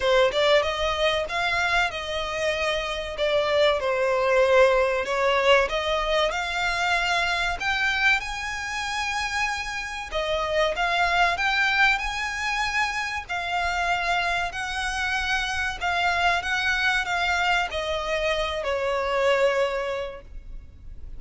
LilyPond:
\new Staff \with { instrumentName = "violin" } { \time 4/4 \tempo 4 = 95 c''8 d''8 dis''4 f''4 dis''4~ | dis''4 d''4 c''2 | cis''4 dis''4 f''2 | g''4 gis''2. |
dis''4 f''4 g''4 gis''4~ | gis''4 f''2 fis''4~ | fis''4 f''4 fis''4 f''4 | dis''4. cis''2~ cis''8 | }